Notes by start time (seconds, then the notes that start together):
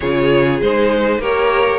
0.00 C#3 F4 G#4 C#5
0.61 G#3 D#4 C5
1.18 A#3 G4 A#4 C#5